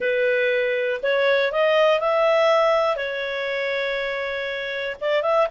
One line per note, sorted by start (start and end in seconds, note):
0.00 1.00 B4
1.02 1.51 C#5
1.51 2.00 D#5
2.00 2.96 E5
2.96 4.96 C#5
5.00 5.22 D5
5.22 5.47 E5